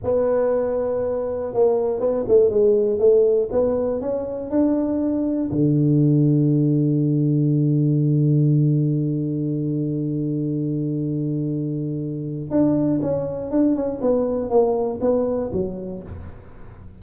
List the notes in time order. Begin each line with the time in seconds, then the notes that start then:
0.03 B3
1.53 A#3
2.00 B3
2.27 A3
2.49 G#3
2.99 A3
3.51 B3
4.00 C#4
4.50 D4
5.51 D3
12.50 D4
13.01 C#4
13.50 D4
13.75 C#4
14.01 B3
14.49 A#3
15.00 B3
15.52 F#3